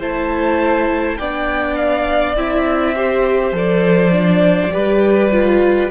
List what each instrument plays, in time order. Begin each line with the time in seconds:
0.00 cello A3, viola E4, violin C5 A5
1.17 cello B3, viola D4, violin D5 G5
1.76 violin F5
2.37 cello C4, viola E4, violin E5
2.96 viola G4, violin C5
3.53 cello F3, viola A4, violin D5
4.12 viola D4
4.72 cello G3, viola G4, violin B4
5.32 viola F4